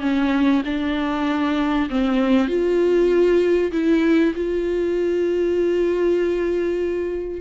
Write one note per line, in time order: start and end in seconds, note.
0.00 0.62 C#4
0.65 1.89 D4
1.90 2.47 C4
2.47 3.71 F4
3.71 4.33 E4
4.35 7.41 F4